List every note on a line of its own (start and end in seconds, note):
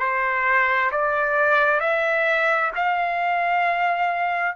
0.00 0.91 C5
0.92 1.80 D5
1.80 2.71 E5
2.76 4.56 F5